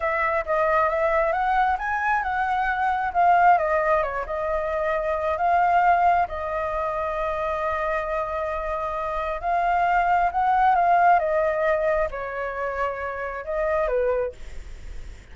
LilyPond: \new Staff \with { instrumentName = "flute" } { \time 4/4 \tempo 4 = 134 e''4 dis''4 e''4 fis''4 | gis''4 fis''2 f''4 | dis''4 cis''8 dis''2~ dis''8 | f''2 dis''2~ |
dis''1~ | dis''4 f''2 fis''4 | f''4 dis''2 cis''4~ | cis''2 dis''4 b'4 | }